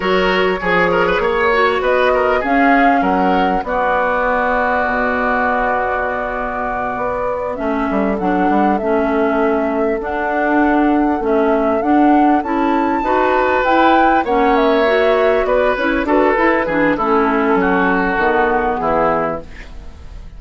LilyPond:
<<
  \new Staff \with { instrumentName = "flute" } { \time 4/4 \tempo 4 = 99 cis''2. dis''4 | f''4 fis''4 d''2~ | d''1~ | d''8 e''4 fis''4 e''4.~ |
e''8 fis''2 e''4 fis''8~ | fis''8 a''2 g''4 fis''8 | e''4. d''8 cis''8 b'4. | a'2. gis'4 | }
  \new Staff \with { instrumentName = "oboe" } { \time 4/4 ais'4 gis'8 ais'16 b'16 cis''4 b'8 ais'8 | gis'4 ais'4 fis'2~ | fis'1~ | fis'8 a'2.~ a'8~ |
a'1~ | a'4. b'2 cis''8~ | cis''4. b'4 a'4 gis'8 | e'4 fis'2 e'4 | }
  \new Staff \with { instrumentName = "clarinet" } { \time 4/4 fis'4 gis'4. fis'4. | cis'2 b2~ | b1~ | b8 cis'4 d'4 cis'4.~ |
cis'8 d'2 cis'4 d'8~ | d'8 e'4 fis'4 e'4 cis'8~ | cis'8 fis'4. e'8 fis'8 e'8 d'8 | cis'2 b2 | }
  \new Staff \with { instrumentName = "bassoon" } { \time 4/4 fis4 f4 ais4 b4 | cis'4 fis4 b2 | b,2.~ b,8 b8~ | b8 a8 g8 fis8 g8 a4.~ |
a8 d'2 a4 d'8~ | d'8 cis'4 dis'4 e'4 ais8~ | ais4. b8 cis'8 d'8 e'8 e8 | a4 fis4 dis4 e4 | }
>>